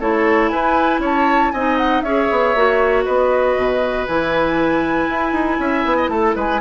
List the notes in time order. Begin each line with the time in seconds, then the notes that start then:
0.00 A3 E4 A4 C#5
0.49 E4 B4 G#5
0.99 C#4 C#5 A5
1.52 C4 D#4 D#5 G#5
1.78 F#5
2.01 C#4 G#4 C#5 E5
2.31 B3
2.55 A#3 F#4
3.05 B3 B4 D#5
3.57 B2
4.07 E3 E4 G#5
5.09 E4
5.32 D#4
5.59 C#4 E5
5.85 B3
5.97 D#5
6.09 A3 A4 A5
6.36 G#3 B4 G#5